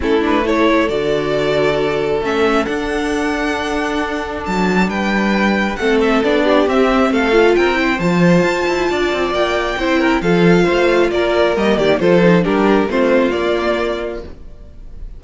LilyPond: <<
  \new Staff \with { instrumentName = "violin" } { \time 4/4 \tempo 4 = 135 a'8 b'8 cis''4 d''2~ | d''4 e''4 fis''2~ | fis''2 a''4 g''4~ | g''4 fis''8 e''8 d''4 e''4 |
f''4 g''4 a''2~ | a''4 g''2 f''4~ | f''4 d''4 dis''8 d''8 c''4 | ais'4 c''4 d''2 | }
  \new Staff \with { instrumentName = "violin" } { \time 4/4 e'4 a'2.~ | a'1~ | a'2. b'4~ | b'4 a'4. g'4. |
a'4 ais'8 c''2~ c''8 | d''2 c''8 ais'8 a'4 | c''4 ais'4. g'8 a'4 | g'4 f'2. | }
  \new Staff \with { instrumentName = "viola" } { \time 4/4 cis'8 d'8 e'4 fis'2~ | fis'4 cis'4 d'2~ | d'1~ | d'4 c'4 d'4 c'4~ |
c'8 f'4 e'8 f'2~ | f'2 e'4 f'4~ | f'2 ais4 f'8 dis'8 | d'4 c'4 ais2 | }
  \new Staff \with { instrumentName = "cello" } { \time 4/4 a2 d2~ | d4 a4 d'2~ | d'2 fis4 g4~ | g4 a4 b4 c'4 |
a4 c'4 f4 f'8 e'8 | d'8 c'8 ais4 c'4 f4 | a4 ais4 g8 dis8 f4 | g4 a4 ais2 | }
>>